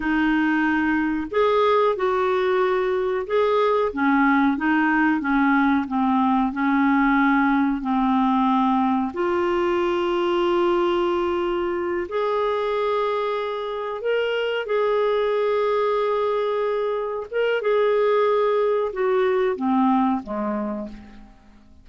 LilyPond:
\new Staff \with { instrumentName = "clarinet" } { \time 4/4 \tempo 4 = 92 dis'2 gis'4 fis'4~ | fis'4 gis'4 cis'4 dis'4 | cis'4 c'4 cis'2 | c'2 f'2~ |
f'2~ f'8 gis'4.~ | gis'4. ais'4 gis'4.~ | gis'2~ gis'8 ais'8 gis'4~ | gis'4 fis'4 c'4 gis4 | }